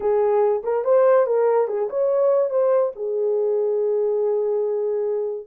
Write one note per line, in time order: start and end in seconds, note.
0.00 0.62 G#4
0.63 0.84 A#4
0.84 1.26 C5
1.26 1.67 A#4
1.67 1.88 G#4
1.89 2.50 C#5
2.50 2.92 C5
2.95 5.46 G#4